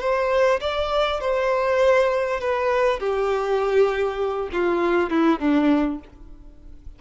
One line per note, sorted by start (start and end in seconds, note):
0.00 0.60 C5
0.60 1.20 D5
1.20 2.40 C5
2.40 2.99 B4
2.99 4.49 G4
4.52 5.10 F4
5.10 5.39 E4
5.39 5.99 D4